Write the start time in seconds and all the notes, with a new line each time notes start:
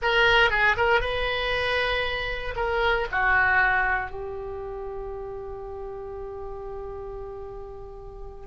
0.01 A#4
0.50 G#4
0.76 A#4
1.00 B4
2.55 A#4
3.11 F#4
4.10 G4